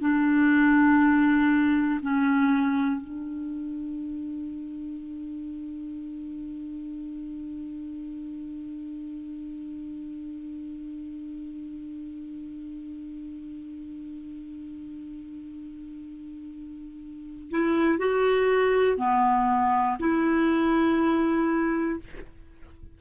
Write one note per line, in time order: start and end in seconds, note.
0.00 2.00 D4
2.02 3.01 C#4
3.01 17.50 D4
17.50 17.99 E4
17.99 18.98 F#4
18.98 19.98 B3
20.00 22.00 E4